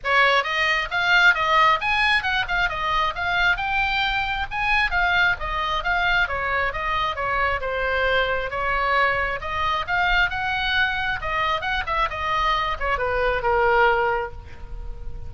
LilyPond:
\new Staff \with { instrumentName = "oboe" } { \time 4/4 \tempo 4 = 134 cis''4 dis''4 f''4 dis''4 | gis''4 fis''8 f''8 dis''4 f''4 | g''2 gis''4 f''4 | dis''4 f''4 cis''4 dis''4 |
cis''4 c''2 cis''4~ | cis''4 dis''4 f''4 fis''4~ | fis''4 dis''4 fis''8 e''8 dis''4~ | dis''8 cis''8 b'4 ais'2 | }